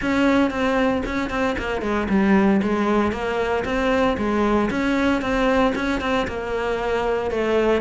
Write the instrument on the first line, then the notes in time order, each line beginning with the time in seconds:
cello
0.01 C#4
0.50 C4
1.05 C#4
1.30 C4
1.58 A#3
1.81 G#3
2.09 G3
2.62 G#3
3.12 A#3
3.64 C4
4.17 G#3
4.70 C#4
5.21 C4
5.75 C#4
6.00 C4
6.28 A#3
7.30 A3